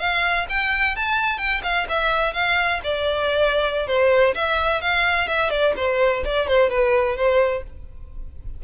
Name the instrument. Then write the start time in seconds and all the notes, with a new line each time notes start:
violin
0.00 F5
0.49 G5
0.97 A5
1.38 G5
1.64 F5
1.89 E5
2.34 F5
2.84 D5
3.88 C5
4.35 E5
4.82 F5
5.28 E5
5.51 D5
5.77 C5
6.25 D5
6.48 C5
6.70 B4
7.17 C5